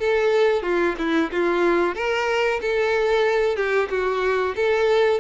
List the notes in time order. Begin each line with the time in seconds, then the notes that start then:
0.00 A4
0.63 F4
0.98 E4
1.32 F4
1.95 A#4
2.62 A4
3.56 G4
3.90 F#4
4.56 A4